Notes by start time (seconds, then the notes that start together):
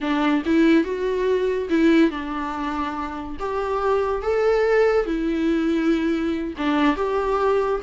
0.00 D4
0.45 E4
0.84 F#4
1.69 E4
2.10 D4
3.39 G4
4.22 A4
5.06 E4
6.57 D4
6.96 G4